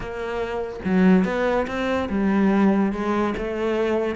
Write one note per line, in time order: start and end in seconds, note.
0.00 0.80 A#3
0.84 1.24 F#3
1.24 1.66 B3
1.67 2.08 C4
2.09 2.92 G3
2.92 3.34 G#3
3.37 4.15 A3